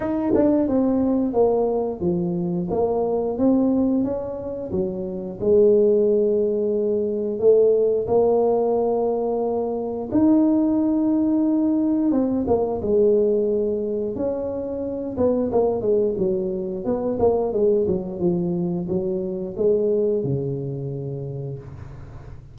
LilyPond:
\new Staff \with { instrumentName = "tuba" } { \time 4/4 \tempo 4 = 89 dis'8 d'8 c'4 ais4 f4 | ais4 c'4 cis'4 fis4 | gis2. a4 | ais2. dis'4~ |
dis'2 c'8 ais8 gis4~ | gis4 cis'4. b8 ais8 gis8 | fis4 b8 ais8 gis8 fis8 f4 | fis4 gis4 cis2 | }